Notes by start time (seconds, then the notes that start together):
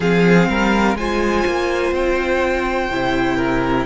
0.00 F3 C4 G#4 F5
0.48 G3 A#4
0.95 G#3 F4 C5 G#5
1.47 A#3
1.91 C4 G5
2.90 C3 E4
3.36 A#4